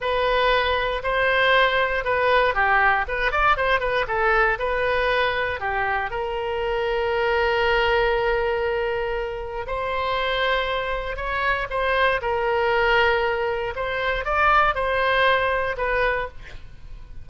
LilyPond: \new Staff \with { instrumentName = "oboe" } { \time 4/4 \tempo 4 = 118 b'2 c''2 | b'4 g'4 b'8 d''8 c''8 b'8 | a'4 b'2 g'4 | ais'1~ |
ais'2. c''4~ | c''2 cis''4 c''4 | ais'2. c''4 | d''4 c''2 b'4 | }